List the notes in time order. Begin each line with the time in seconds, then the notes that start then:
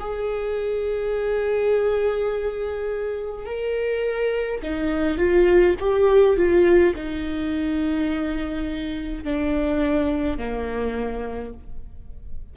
0.00 G#4
3.46 A#4
4.63 D#4
5.18 F4
5.80 G4
6.37 F4
6.95 D#4
9.24 D4
10.38 A#3